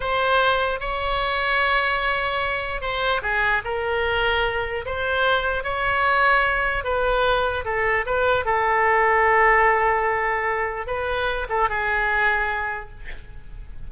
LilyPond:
\new Staff \with { instrumentName = "oboe" } { \time 4/4 \tempo 4 = 149 c''2 cis''2~ | cis''2. c''4 | gis'4 ais'2. | c''2 cis''2~ |
cis''4 b'2 a'4 | b'4 a'2.~ | a'2. b'4~ | b'8 a'8 gis'2. | }